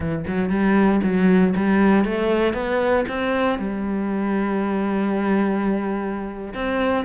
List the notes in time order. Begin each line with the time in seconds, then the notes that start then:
0.00 E3
0.27 F#3
0.49 G3
1.03 F#3
1.56 G3
2.04 A3
2.53 B3
3.08 C4
3.58 G3
6.53 C4